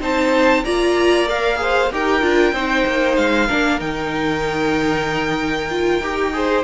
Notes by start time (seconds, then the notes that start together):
0.00 C4 D#4 C5 A5
0.63 A#3 F4 D5 A#5
1.27 A#4 F5
1.55 G#4 C5
1.92 D#4 G4 A#4 G5
2.21 D4 F4
2.52 C4 D#4 C5
2.86 A#3
3.16 G#3 F5
3.47 A#3 D4 A#4
3.78 D#3 D#4 G5
5.70 F4
6.00 D#4 G4
6.33 G#4 C5